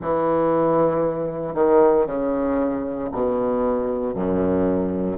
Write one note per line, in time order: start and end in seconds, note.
0.01 1.55 E3
1.55 2.06 D#3
2.06 3.09 C#3
3.12 4.14 B2
4.14 5.17 F#2